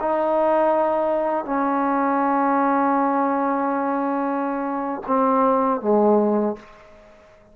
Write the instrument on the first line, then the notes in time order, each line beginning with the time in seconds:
trombone
0.00 D#4
1.45 C#4
5.07 C4
5.81 G#3